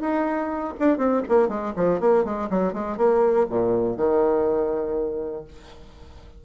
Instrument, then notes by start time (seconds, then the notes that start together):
bassoon
0.00 D#4
0.79 D4
0.97 C4
1.28 A#3
1.48 G#3
1.76 F3
2.00 A#3
2.24 G#3
2.50 F#3
2.73 G#3
2.97 A#3
3.49 A#2
3.97 D#3